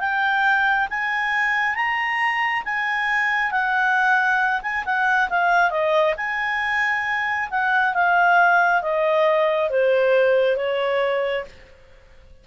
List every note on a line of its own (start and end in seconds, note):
0.00 0.88 G5
0.90 1.76 G#5
1.76 2.64 A#5
2.65 3.51 G#5
3.51 4.62 F#5
4.62 4.84 G#5
4.86 5.30 F#5
5.30 5.71 F5
5.71 6.15 D#5
6.17 7.49 G#5
7.51 7.94 F#5
7.94 8.82 F5
8.82 9.71 D#5
9.71 10.57 C5
10.57 11.45 C#5